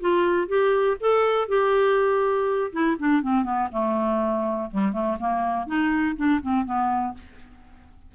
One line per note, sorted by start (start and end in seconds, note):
0.00 0.48 F4
0.48 0.97 G4
1.00 1.48 A4
1.48 2.71 G4
2.72 2.96 E4
2.99 3.22 D4
3.22 3.44 C4
3.44 3.68 B3
3.72 4.70 A3
4.71 4.92 G3
4.92 5.17 A3
5.19 5.66 A#3
5.66 6.16 D#4
6.16 6.40 D4
6.41 6.65 C4
6.65 7.14 B3